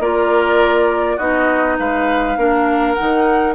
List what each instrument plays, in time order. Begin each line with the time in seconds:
0.00 bassoon A#3, clarinet F4, oboe A#4, flute D5
1.17 bassoon B3, clarinet D#4, oboe F#4, flute D#5
1.79 bassoon G#3, oboe B4, flute F5
2.37 bassoon A#3, clarinet D4, oboe A#4
2.95 clarinet D#4, flute F#5
3.01 bassoon D#3